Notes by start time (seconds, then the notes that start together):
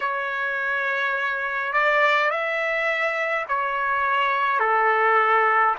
0.00 C#5
1.73 D5
2.30 E5
3.48 C#5
4.59 A4